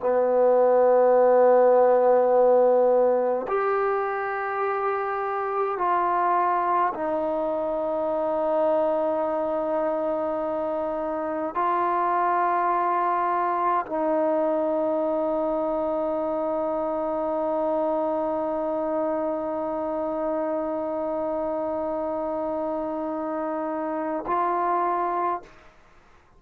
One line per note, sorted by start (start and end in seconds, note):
0.00 3.46 B3
3.47 5.77 G4
5.77 6.93 F4
6.94 11.54 D#4
11.54 13.85 F4
13.86 24.25 D#4
24.27 25.42 F4